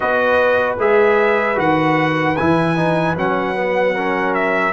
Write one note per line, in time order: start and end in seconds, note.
0.00 0.78 B3
0.00 0.77 F#4
0.00 3.94 B4
0.00 0.75 D#5
0.78 1.57 G#3
0.78 1.55 G#4
0.78 1.59 E5
1.55 2.36 D#3
1.55 2.34 F#4
1.55 2.36 F#5
2.36 3.16 E3
2.36 2.76 E4
2.36 3.15 G#5
2.76 3.15 D#4
3.16 4.72 F#3
3.16 3.55 C#4
3.16 4.34 F#5
3.55 3.94 B3
3.94 4.72 C#4
3.94 4.72 A#4
4.34 4.72 E5